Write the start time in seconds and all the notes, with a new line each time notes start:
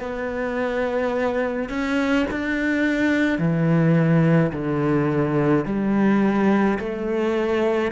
0.00 B3
1.69 C#4
2.31 D4
3.38 E3
4.52 D3
5.66 G3
6.79 A3